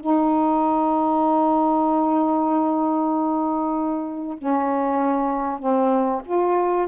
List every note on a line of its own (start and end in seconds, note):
0.00 4.38 D#4
4.38 5.59 C#4
5.59 6.22 C4
6.25 6.87 F4